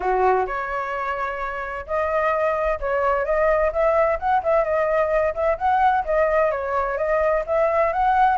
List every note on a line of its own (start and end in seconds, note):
0.00 0.45 F#4
0.46 1.85 C#5
1.86 2.79 D#5
2.80 3.25 C#5
3.25 3.71 D#5
3.72 4.18 E5
4.19 4.42 F#5
4.43 4.64 E5
4.64 5.33 D#5
5.34 5.57 E5
5.58 6.04 F#5
6.04 6.51 D#5
6.51 6.97 C#5
6.97 7.44 D#5
7.46 7.92 E5
7.93 8.37 F#5